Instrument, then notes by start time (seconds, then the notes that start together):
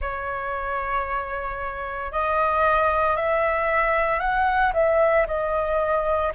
flute
0.01 C#5
2.11 D#5
3.16 E5
4.20 F#5
4.73 E5
5.27 D#5